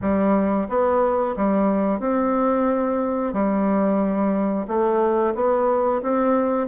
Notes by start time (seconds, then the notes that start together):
0.01 G3
0.68 B3
1.36 G3
1.99 C4
3.33 G3
4.67 A3
5.35 B3
6.02 C4